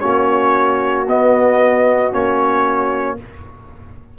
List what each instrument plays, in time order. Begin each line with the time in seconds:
0.00 tuba A#3, trombone C#4, horn F#4, trumpet C#5
1.07 tuba B3, trombone B3, trumpet D#5
2.12 tuba A#3, trombone C#4, trumpet C#5